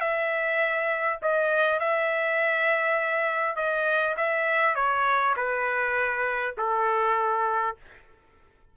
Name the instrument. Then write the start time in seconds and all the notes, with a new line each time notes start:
trumpet
0.00 E5
1.22 D#5
1.79 E5
3.56 D#5
4.17 E5
4.75 C#5
5.36 B4
6.57 A4